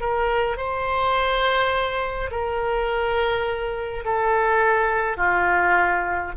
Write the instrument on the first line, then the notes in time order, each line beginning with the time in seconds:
oboe
0.00 A#4
0.57 C5
2.31 A#4
4.04 A4
5.17 F4